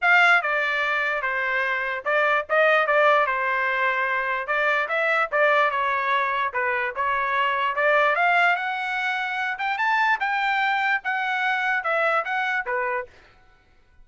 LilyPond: \new Staff \with { instrumentName = "trumpet" } { \time 4/4 \tempo 4 = 147 f''4 d''2 c''4~ | c''4 d''4 dis''4 d''4 | c''2. d''4 | e''4 d''4 cis''2 |
b'4 cis''2 d''4 | f''4 fis''2~ fis''8 g''8 | a''4 g''2 fis''4~ | fis''4 e''4 fis''4 b'4 | }